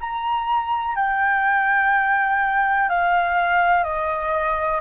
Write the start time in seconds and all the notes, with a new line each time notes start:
0.00 A#5
0.95 G5
2.89 F5
3.83 D#5